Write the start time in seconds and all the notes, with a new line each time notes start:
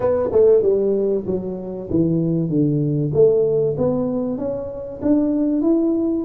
0.00 B3
0.32 A3
0.62 G3
1.26 F#3
1.90 E3
2.49 D3
3.13 A3
3.77 B3
4.38 C#4
5.02 D4
5.61 E4